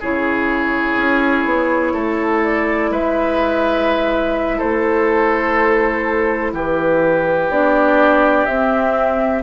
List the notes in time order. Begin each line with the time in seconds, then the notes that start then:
0.00 C#3 E4 G#4 C#5
0.97 C#4
1.45 B3
1.94 A3 A4
2.44 D5
2.91 G#3 B4 E5
4.58 A3 A4 C5
6.53 E3 G4 B4
7.50 B3 D4 D5
8.46 C4 E5